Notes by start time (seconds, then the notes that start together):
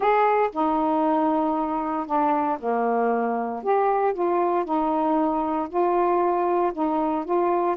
0.00 G#4
0.52 D#4
2.06 D4
2.59 A#3
3.63 G4
4.13 F4
4.64 D#4
5.69 F4
6.73 D#4
7.24 F4